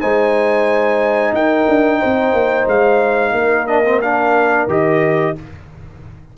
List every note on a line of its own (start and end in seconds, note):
0.00 1.32 G#3
0.00 3.67 D#4
0.00 1.34 C5
0.00 1.33 G#5
1.32 1.65 D#4
1.32 1.99 A#4
1.32 2.67 G5
1.68 2.01 D4
1.99 2.32 C4
1.99 3.32 C5
2.32 2.66 A#3
2.67 3.31 G#3
2.67 3.66 F5
3.31 4.65 A#3
3.31 5.35 A#4
3.66 3.84 D4
3.66 4.00 D#5
3.85 4.02 C4
4.01 4.68 D4
4.01 4.68 F5
4.67 5.33 D#3
4.67 5.35 G4
4.67 5.37 D#5